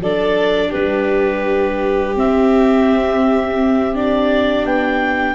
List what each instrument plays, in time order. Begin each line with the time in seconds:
0.00 tuba F#3, viola D4, violin A4, clarinet D5
0.70 tuba G3, violin G4, clarinet B4
2.16 tuba C4, viola C4, clarinet E5
3.94 viola D4, clarinet D5
4.65 tuba B3, clarinet G5